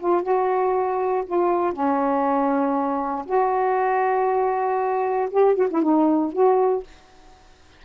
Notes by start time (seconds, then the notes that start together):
0.00 F4
0.23 F#4
1.26 F4
1.73 C#4
3.26 F#4
5.31 G4
5.56 F#4
5.71 E4
5.83 D#4
6.33 F#4